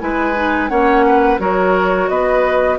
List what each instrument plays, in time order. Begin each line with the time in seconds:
0.00 bassoon G#3, clarinet E4, oboe B4, flute G#5
0.35 clarinet D#4
0.69 bassoon A#3, clarinet C#4, oboe C#5, flute F#5
1.07 oboe B4
1.39 bassoon F#3, clarinet F#4, oboe A#4, flute C#5
2.09 bassoon B3, oboe B4, flute D#5